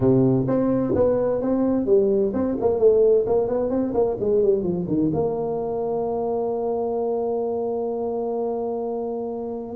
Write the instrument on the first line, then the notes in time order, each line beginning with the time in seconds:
tuba
0.00 C3
0.47 C4
0.95 B3
1.41 C4
1.86 G3
2.33 C4
2.60 A#3
2.78 A3
3.26 A#3
3.48 B3
3.70 C4
3.93 A#3
4.20 G#3
4.42 G3
4.63 F3
4.87 D#3
5.13 A#3